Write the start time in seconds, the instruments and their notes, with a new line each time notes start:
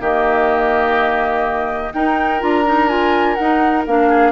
0.00 bassoon D#3, clarinet A#3, oboe G4, flute D#5
1.93 clarinet D#4, bassoon D#4, oboe A#4, flute G5
2.40 bassoon D4, clarinet F4, flute A#5
2.65 clarinet D#4
2.88 clarinet F4, flute G#5
3.35 bassoon D#4, clarinet D#4, flute F#5
3.86 bassoon A#3, clarinet D4, flute F5
4.08 oboe G#4